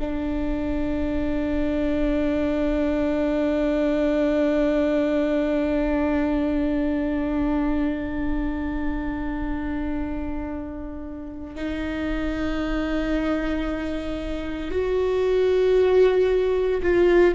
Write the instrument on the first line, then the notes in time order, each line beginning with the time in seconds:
viola
0.00 D4
11.56 D#4
14.71 F#4
16.82 F4